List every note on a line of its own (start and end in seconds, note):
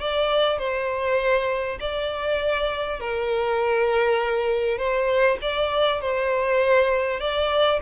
0.00 0.59 D5
0.59 1.79 C5
1.80 3.00 D5
3.00 4.78 A#4
4.78 5.38 C5
5.42 6.01 D5
6.01 7.20 C5
7.20 7.80 D5